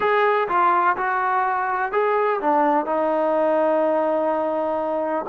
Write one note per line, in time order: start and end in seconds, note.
0.00 0.48 G#4
0.48 0.96 F4
0.96 1.92 F#4
1.92 2.40 G#4
2.40 2.85 D4
2.85 5.25 D#4